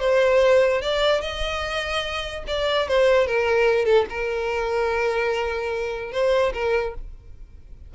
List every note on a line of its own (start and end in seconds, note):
0.00 0.82 C5
0.82 1.21 D5
1.21 2.44 D#5
2.47 2.88 D5
2.88 3.27 C5
3.27 3.86 A#4
3.86 4.06 A4
4.10 6.12 A#4
6.12 6.53 C5
6.54 6.95 A#4